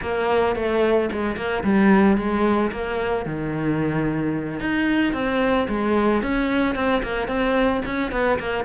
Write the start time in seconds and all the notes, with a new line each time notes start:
0.01 A#3
0.55 A3
1.12 G#3
1.36 A#3
1.63 G3
2.17 G#3
2.71 A#3
3.25 D#3
4.59 D#4
5.13 C4
5.68 G#3
6.22 C#4
6.75 C4
7.02 A#3
7.27 C4
7.85 C#4
8.11 B3
8.39 A#3